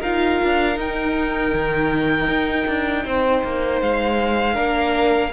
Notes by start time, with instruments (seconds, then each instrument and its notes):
0.00 cello D#4, viola F4, violin A#4 F5
0.44 cello D4
0.76 viola D#4, cello D#4, violin G5
1.54 cello D#3
2.28 cello D#4
2.68 cello D4
3.05 cello C4, violin C5
3.44 cello A#3
3.82 cello G#3, violin F5
4.54 cello A#3, viola D4, violin A#4